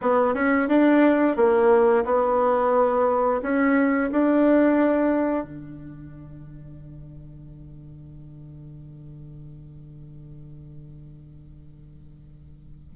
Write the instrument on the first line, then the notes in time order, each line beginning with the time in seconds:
bassoon
0.01 B3
0.34 C#4
0.68 D4
1.36 A#3
2.05 B3
3.42 C#4
4.11 D4
5.44 D3